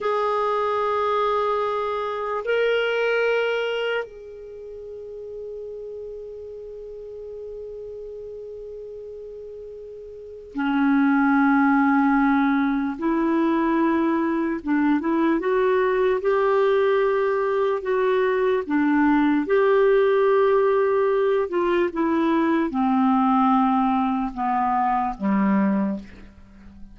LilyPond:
\new Staff \with { instrumentName = "clarinet" } { \time 4/4 \tempo 4 = 74 gis'2. ais'4~ | ais'4 gis'2.~ | gis'1~ | gis'4 cis'2. |
e'2 d'8 e'8 fis'4 | g'2 fis'4 d'4 | g'2~ g'8 f'8 e'4 | c'2 b4 g4 | }